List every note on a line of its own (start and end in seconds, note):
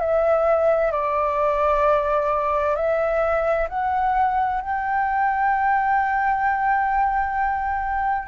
0.00 0.91 E5
0.91 2.76 D5
2.76 3.68 E5
3.69 4.61 F#5
4.61 8.28 G5